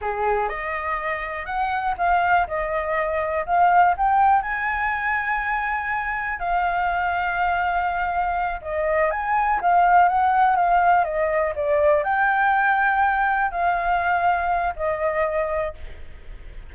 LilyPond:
\new Staff \with { instrumentName = "flute" } { \time 4/4 \tempo 4 = 122 gis'4 dis''2 fis''4 | f''4 dis''2 f''4 | g''4 gis''2.~ | gis''4 f''2.~ |
f''4. dis''4 gis''4 f''8~ | f''8 fis''4 f''4 dis''4 d''8~ | d''8 g''2. f''8~ | f''2 dis''2 | }